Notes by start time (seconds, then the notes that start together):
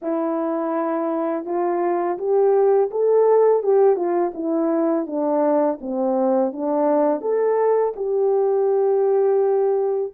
0.02 E4
1.45 F4
2.18 G4
2.90 A4
3.62 G4
3.96 F4
4.34 E4
5.06 D4
5.80 C4
6.52 D4
7.21 A4
7.96 G4